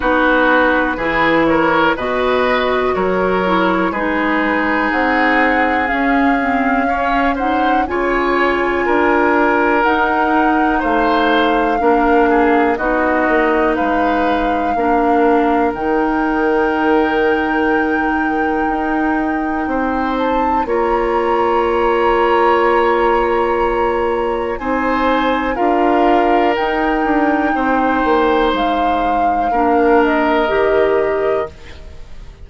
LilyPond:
<<
  \new Staff \with { instrumentName = "flute" } { \time 4/4 \tempo 4 = 61 b'4. cis''8 dis''4 cis''4 | b'4 fis''4 f''4. fis''8 | gis''2 fis''4 f''4~ | f''4 dis''4 f''2 |
g''1~ | g''8 a''8 ais''2.~ | ais''4 gis''4 f''4 g''4~ | g''4 f''4. dis''4. | }
  \new Staff \with { instrumentName = "oboe" } { \time 4/4 fis'4 gis'8 ais'8 b'4 ais'4 | gis'2. cis''8 c''8 | cis''4 ais'2 c''4 | ais'8 gis'8 fis'4 b'4 ais'4~ |
ais'1 | c''4 cis''2.~ | cis''4 c''4 ais'2 | c''2 ais'2 | }
  \new Staff \with { instrumentName = "clarinet" } { \time 4/4 dis'4 e'4 fis'4. e'8 | dis'2 cis'8 c'8 cis'8 dis'8 | f'2 dis'2 | d'4 dis'2 d'4 |
dis'1~ | dis'4 f'2.~ | f'4 dis'4 f'4 dis'4~ | dis'2 d'4 g'4 | }
  \new Staff \with { instrumentName = "bassoon" } { \time 4/4 b4 e4 b,4 fis4 | gis4 c'4 cis'2 | cis4 d'4 dis'4 a4 | ais4 b8 ais8 gis4 ais4 |
dis2. dis'4 | c'4 ais2.~ | ais4 c'4 d'4 dis'8 d'8 | c'8 ais8 gis4 ais4 dis4 | }
>>